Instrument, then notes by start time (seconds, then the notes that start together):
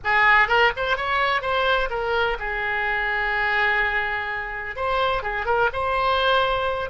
oboe
0.03 G#4
0.48 A#4
0.76 C5
0.97 C#5
1.41 C5
1.89 A#4
2.39 G#4
4.76 C5
5.22 G#4
5.45 A#4
5.72 C5